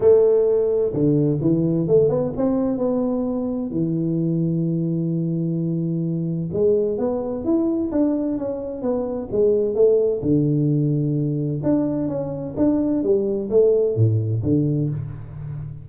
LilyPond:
\new Staff \with { instrumentName = "tuba" } { \time 4/4 \tempo 4 = 129 a2 d4 e4 | a8 b8 c'4 b2 | e1~ | e2 gis4 b4 |
e'4 d'4 cis'4 b4 | gis4 a4 d2~ | d4 d'4 cis'4 d'4 | g4 a4 a,4 d4 | }